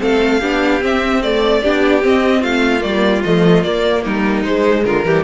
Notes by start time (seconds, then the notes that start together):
0.00 A3 C4 A4 F5
0.41 B3 D4 G4
0.81 C4 E5
1.23 A3 D5
1.63 B3 D4 G4
2.02 C4 D#5
2.41 A3 F4 F5
2.81 G3 A#3 D5
3.24 F3 A3 D#5
3.64 A#3 D5
4.03 G3 D#4 A#4
4.44 G#3 C5
4.85 D3 F4 A#4
5.05 E3 G3 G4